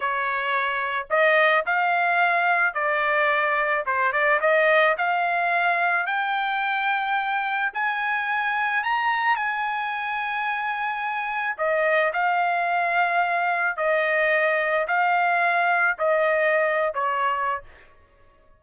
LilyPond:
\new Staff \with { instrumentName = "trumpet" } { \time 4/4 \tempo 4 = 109 cis''2 dis''4 f''4~ | f''4 d''2 c''8 d''8 | dis''4 f''2 g''4~ | g''2 gis''2 |
ais''4 gis''2.~ | gis''4 dis''4 f''2~ | f''4 dis''2 f''4~ | f''4 dis''4.~ dis''16 cis''4~ cis''16 | }